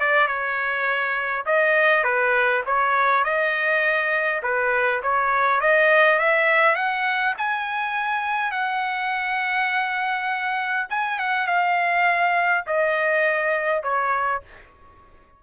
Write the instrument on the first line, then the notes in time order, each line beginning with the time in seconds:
trumpet
0.00 D5
0.28 C#5
1.46 D#5
2.03 B4
2.66 C#5
3.24 D#5
4.43 B4
5.02 C#5
5.61 D#5
6.19 E5
6.75 F#5
7.38 G#5
8.52 F#5
10.90 G#5
11.19 F#5
11.47 F5
12.67 D#5
13.83 C#5